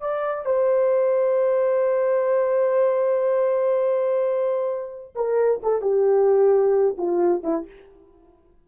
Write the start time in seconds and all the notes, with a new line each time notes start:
0.00 D5
0.45 C5
5.15 A#4
5.63 A4
5.81 G4
6.97 F4
7.43 E4